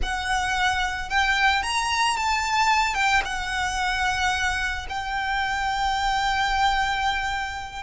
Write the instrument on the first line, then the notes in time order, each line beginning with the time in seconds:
violin
0.02 F#5
1.09 G5
1.62 A#5
2.16 A5
2.94 G5
3.24 F#5
4.89 G5